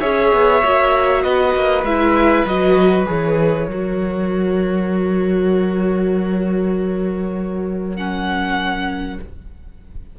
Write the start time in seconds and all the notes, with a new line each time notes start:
0.00 C#4 G#4 C#5 E5
0.32 B3
0.63 A#3 F#4
1.22 B3 B4 D#5
1.55 A#3
1.83 G#3 E4 E5
2.45 F#3 F#4 D#5
3.06 E3 G#4 C#5
3.67 F#3 F#4 A#4
7.96 C#4 F#5